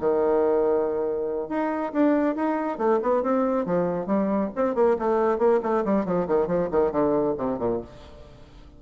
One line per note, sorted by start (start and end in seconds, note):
0.00 1.49 D#3
1.49 1.92 D#4
1.92 2.35 D4
2.35 2.78 D#4
2.78 2.99 A3
3.02 3.23 B3
3.23 3.65 C4
3.65 4.06 F3
4.06 4.50 G3
4.55 4.75 C4
4.75 4.96 A#3
4.99 5.38 A3
5.38 5.60 A#3
5.62 5.84 A3
5.84 6.05 G3
6.05 6.27 F3
6.27 6.47 D#3
6.47 6.69 F3
6.71 6.92 D#3
6.92 7.35 D3
7.37 7.59 C3
7.59 7.80 A#2